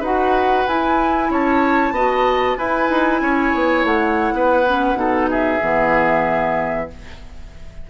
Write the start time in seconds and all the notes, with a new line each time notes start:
0.00 D#4 F#4 B4 F#5
0.67 E4 G#5
1.30 C#4 C#5 A5
1.91 B3 F#4 D#5
2.57 E4 B4 G#5
2.89 D#4
3.21 C#4 C#5
3.54 B3
3.84 A3 F#5
4.32 B3 B4
4.67 C#4
4.94 B2 D#4 A4
5.30 G#4 E5
5.60 E3 B3